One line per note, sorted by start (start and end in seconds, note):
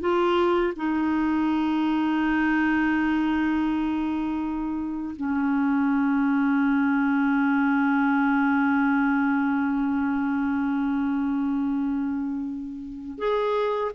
0.00 0.73 F4
0.76 5.16 D#4
5.16 13.18 C#4
13.18 13.92 G#4